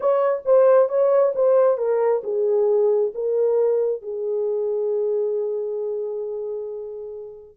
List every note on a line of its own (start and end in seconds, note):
0.00 0.42 C#5
0.45 0.88 C5
0.88 1.33 C#5
1.35 1.77 C5
1.77 2.22 A#4
2.23 3.12 G#4
3.14 4.01 A#4
4.01 7.57 G#4